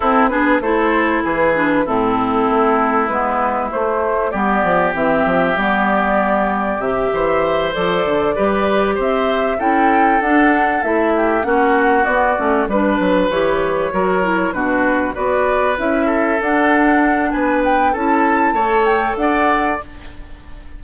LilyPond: <<
  \new Staff \with { instrumentName = "flute" } { \time 4/4 \tempo 4 = 97 a'8 b'8 c''4 b'4 a'4~ | a'4 b'4 c''4 d''4 | e''4 d''2 e''4~ | e''8 d''2 e''4 g''8~ |
g''8 fis''4 e''4 fis''4 d''8~ | d''8 b'4 cis''2 b'8~ | b'8 d''4 e''4 fis''4. | gis''8 g''8 a''4. g''8 fis''4 | }
  \new Staff \with { instrumentName = "oboe" } { \time 4/4 e'8 gis'8 a'4 gis'4 e'4~ | e'2. g'4~ | g'2.~ g'8 c''8~ | c''4. b'4 c''4 a'8~ |
a'2 g'8 fis'4.~ | fis'8 b'2 ais'4 fis'8~ | fis'8 b'4. a'2 | b'4 a'4 cis''4 d''4 | }
  \new Staff \with { instrumentName = "clarinet" } { \time 4/4 c'8 d'8 e'4. d'8 c'4~ | c'4 b4 a4 b4 | c'4 b2 g'4~ | g'8 a'4 g'2 e'8~ |
e'8 d'4 e'4 cis'4 b8 | cis'8 d'4 g'4 fis'8 e'8 d'8~ | d'8 fis'4 e'4 d'4.~ | d'4 e'4 a'2 | }
  \new Staff \with { instrumentName = "bassoon" } { \time 4/4 c'8 b8 a4 e4 a,4 | a4 gis4 a4 g8 f8 | e8 f8 g2 c8 e8~ | e8 f8 d8 g4 c'4 cis'8~ |
cis'8 d'4 a4 ais4 b8 | a8 g8 fis8 e4 fis4 b,8~ | b,8 b4 cis'4 d'4. | b4 cis'4 a4 d'4 | }
>>